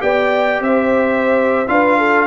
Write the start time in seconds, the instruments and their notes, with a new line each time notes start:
0.00 tuba B3, trombone G4, horn D5, trumpet G5
0.60 tuba C4, horn C5, trumpet E5
1.68 tuba D4, trombone F4, horn B4, trumpet F5
1.98 horn A4